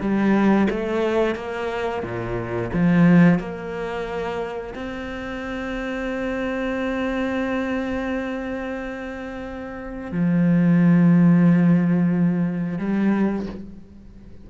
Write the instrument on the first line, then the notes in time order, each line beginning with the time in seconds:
cello
0.00 G3
0.70 A3
1.35 A#3
2.03 A#2
2.73 F3
3.39 A#3
4.75 C4
10.12 F3
12.78 G3